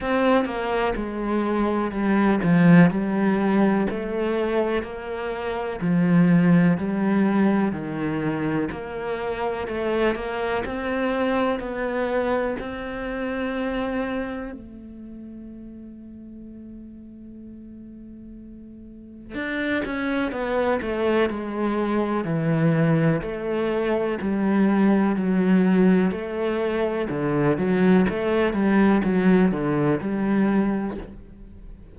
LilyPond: \new Staff \with { instrumentName = "cello" } { \time 4/4 \tempo 4 = 62 c'8 ais8 gis4 g8 f8 g4 | a4 ais4 f4 g4 | dis4 ais4 a8 ais8 c'4 | b4 c'2 a4~ |
a1 | d'8 cis'8 b8 a8 gis4 e4 | a4 g4 fis4 a4 | d8 fis8 a8 g8 fis8 d8 g4 | }